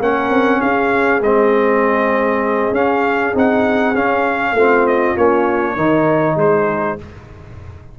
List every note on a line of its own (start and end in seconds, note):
0.00 0.30 A#3
0.00 1.23 C#4
0.00 0.61 A#4
0.00 0.61 F#5
0.30 0.61 C4
0.61 1.21 C#4
0.61 4.55 G#4
0.61 1.22 F5
1.21 2.71 G#3
1.21 2.75 C4
1.21 2.74 D#5
2.71 3.32 C#4
2.71 3.34 C#4
2.71 3.35 F5
3.34 3.95 C4
3.34 3.94 D#4
3.34 3.96 F#5
3.95 4.52 C#4
3.95 4.56 C#4
3.95 4.87 F5
4.52 5.13 A3
4.52 5.17 C4
4.52 5.75 F4
4.87 5.17 D#5
5.17 5.77 A#3
5.17 5.77 C#4
5.17 6.39 C#5
5.75 6.36 D#3
5.75 6.99 D#4
5.75 6.36 A#4
6.36 6.97 G#3
6.36 6.97 G#4
6.36 6.99 C5